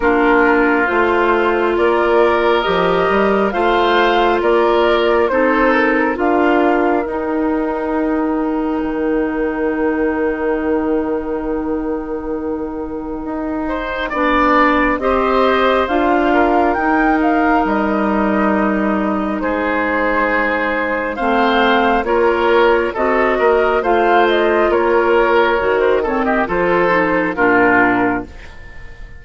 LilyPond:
<<
  \new Staff \with { instrumentName = "flute" } { \time 4/4 \tempo 4 = 68 ais'4 c''4 d''4 dis''4 | f''4 d''4 c''8 ais'8 f''4 | g''1~ | g''1~ |
g''4 dis''4 f''4 g''8 f''8 | dis''2 c''2 | f''4 cis''4 dis''4 f''8 dis''8 | cis''4~ cis''16 c''16 cis''16 dis''16 c''4 ais'4 | }
  \new Staff \with { instrumentName = "oboe" } { \time 4/4 f'2 ais'2 | c''4 ais'4 a'4 ais'4~ | ais'1~ | ais'2.~ ais'8 c''8 |
d''4 c''4. ais'4.~ | ais'2 gis'2 | c''4 ais'4 a'8 ais'8 c''4 | ais'4. a'16 g'16 a'4 f'4 | }
  \new Staff \with { instrumentName = "clarinet" } { \time 4/4 d'4 f'2 g'4 | f'2 dis'4 f'4 | dis'1~ | dis'1 |
d'4 g'4 f'4 dis'4~ | dis'1 | c'4 f'4 fis'4 f'4~ | f'4 fis'8 c'8 f'8 dis'8 d'4 | }
  \new Staff \with { instrumentName = "bassoon" } { \time 4/4 ais4 a4 ais4 f8 g8 | a4 ais4 c'4 d'4 | dis'2 dis2~ | dis2. dis'4 |
b4 c'4 d'4 dis'4 | g2 gis2 | a4 ais4 c'8 ais8 a4 | ais4 dis4 f4 ais,4 | }
>>